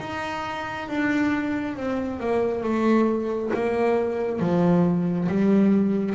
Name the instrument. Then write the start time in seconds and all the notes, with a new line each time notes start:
double bass
0.00 D#4
0.88 D4
1.76 C4
2.19 A#3
2.63 A3
3.53 A#3
4.39 F3
5.28 G3